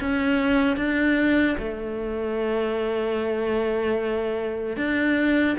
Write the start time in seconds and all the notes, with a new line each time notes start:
0.00 C#4
0.77 D4
1.59 A3
4.77 D4